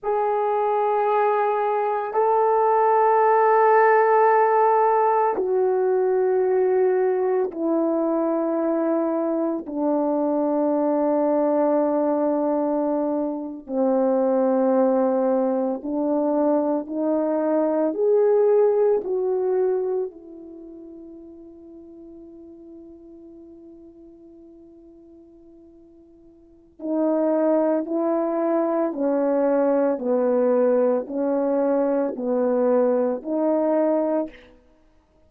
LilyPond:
\new Staff \with { instrumentName = "horn" } { \time 4/4 \tempo 4 = 56 gis'2 a'2~ | a'4 fis'2 e'4~ | e'4 d'2.~ | d'8. c'2 d'4 dis'16~ |
dis'8. gis'4 fis'4 e'4~ e'16~ | e'1~ | e'4 dis'4 e'4 cis'4 | b4 cis'4 b4 dis'4 | }